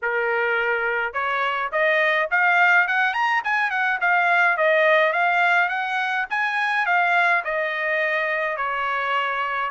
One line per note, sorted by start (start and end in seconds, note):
0.02 1.13 A#4
1.13 1.70 C#5
1.71 2.29 D#5
2.30 2.87 F5
2.87 3.13 F#5
3.13 3.42 A#5
3.43 3.70 G#5
3.70 3.99 F#5
4.01 4.57 F5
4.57 5.12 D#5
5.12 5.69 F5
5.69 6.26 F#5
6.30 6.85 G#5
6.85 7.43 F5
7.44 8.56 D#5
8.56 9.71 C#5